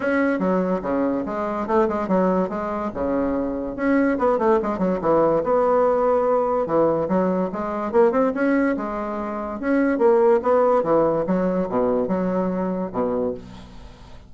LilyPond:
\new Staff \with { instrumentName = "bassoon" } { \time 4/4 \tempo 4 = 144 cis'4 fis4 cis4 gis4 | a8 gis8 fis4 gis4 cis4~ | cis4 cis'4 b8 a8 gis8 fis8 | e4 b2. |
e4 fis4 gis4 ais8 c'8 | cis'4 gis2 cis'4 | ais4 b4 e4 fis4 | b,4 fis2 b,4 | }